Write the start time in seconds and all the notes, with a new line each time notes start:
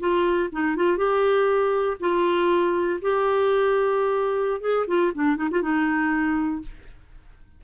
0.00 F4
0.53 D#4
0.76 F4
0.98 G4
2.00 F4
3.02 G4
4.61 G#4
4.88 F4
5.15 D4
5.37 D#4
5.51 F4
5.62 D#4